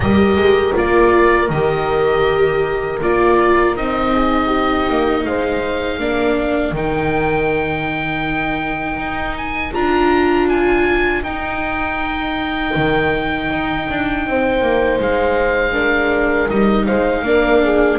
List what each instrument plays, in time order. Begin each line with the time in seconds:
0.00 double bass G3, viola G4, horn A#4, oboe D#5
0.35 double bass G#3
0.73 double bass A#3, viola F4, oboe D5
1.49 double bass D#3, viola G4, oboe D#5
3.01 double bass A#3, viola F4, oboe D5
3.76 double bass C4, viola D#4, oboe D#5
4.14 horn G#4
4.46 horn G4
4.89 double bass A#3
5.25 double bass G#3, horn C5, oboe F5
5.99 double bass A#3, viola D4, horn A#4
6.71 double bass D#3, viola D#4, oboe G5
8.97 double bass D#4
9.37 oboe G#5
9.73 double bass D4, viola F4, oboe A#5
10.48 oboe G#5
11.22 double bass D#4, viola D#4, oboe G5
12.75 double bass D#3
13.50 double bass D#4
13.89 double bass D4
14.26 double bass C4, horn C5
14.61 double bass A#3
14.99 double bass G#3, oboe F5
15.72 viola D4, horn A#4
16.49 double bass G3, viola D#4, oboe D#5
16.86 double bass G#3, horn C5, oboe F5
17.22 double bass A#3, viola D4, horn A#4
17.63 horn G#4